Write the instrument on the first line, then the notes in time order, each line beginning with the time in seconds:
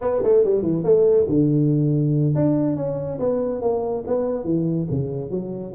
tuba
0.01 B3
0.23 A3
0.44 G3
0.62 E3
0.84 A3
1.28 D3
2.35 D4
2.76 C#4
3.19 B3
3.61 A#3
4.06 B3
4.44 E3
4.90 C#3
5.30 F#3